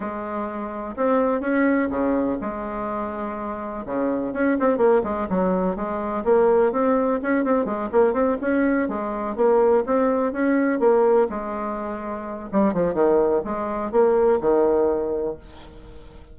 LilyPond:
\new Staff \with { instrumentName = "bassoon" } { \time 4/4 \tempo 4 = 125 gis2 c'4 cis'4 | cis4 gis2. | cis4 cis'8 c'8 ais8 gis8 fis4 | gis4 ais4 c'4 cis'8 c'8 |
gis8 ais8 c'8 cis'4 gis4 ais8~ | ais8 c'4 cis'4 ais4 gis8~ | gis2 g8 f8 dis4 | gis4 ais4 dis2 | }